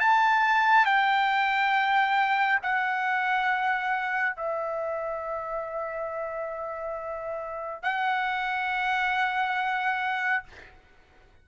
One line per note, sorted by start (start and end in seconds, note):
0.00 0.86 A5
0.86 2.60 G5
2.63 4.36 F#5
4.36 7.83 E5
7.83 10.43 F#5